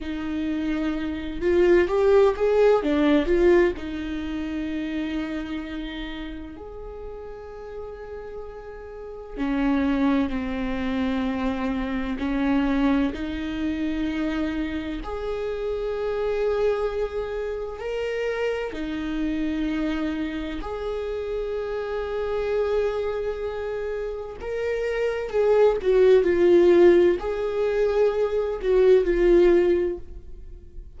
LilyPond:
\new Staff \with { instrumentName = "viola" } { \time 4/4 \tempo 4 = 64 dis'4. f'8 g'8 gis'8 d'8 f'8 | dis'2. gis'4~ | gis'2 cis'4 c'4~ | c'4 cis'4 dis'2 |
gis'2. ais'4 | dis'2 gis'2~ | gis'2 ais'4 gis'8 fis'8 | f'4 gis'4. fis'8 f'4 | }